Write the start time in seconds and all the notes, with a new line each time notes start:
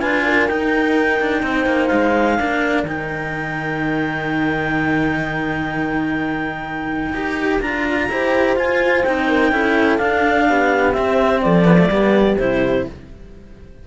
0.00 D4 F4 B4 G#5
0.26 A#4
0.48 D#4 G5
1.21 D4
1.43 C4 C5
1.66 A#3
1.87 G#3 F5
2.39 A#3 D4 A#4
2.84 D#3 D#4 G5
7.13 D#4 G4
7.61 D4 F4 A#5
8.09 E4 G4 C5
8.56 F4 G#5
9.04 C4 D#4 G5
9.28 A#4
9.52 C#4 E4 A4
9.98 D4 F5
10.49 B3 G4
10.93 C4 E5
11.41 F3 A4 D5
11.65 B3
11.79 A3
11.90 G3 B3 G4
12.38 C3 E4 C5